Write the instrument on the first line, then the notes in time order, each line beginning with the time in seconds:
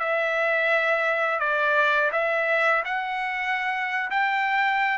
trumpet
0.00 E5
1.40 D5
2.12 E5
2.85 F#5
4.11 G5